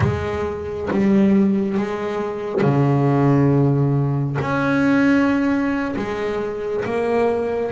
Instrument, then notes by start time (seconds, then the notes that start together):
double bass
0.00 G#3
0.90 G3
1.77 G#3
2.61 C#3
4.40 C#4
5.96 G#3
6.85 A#3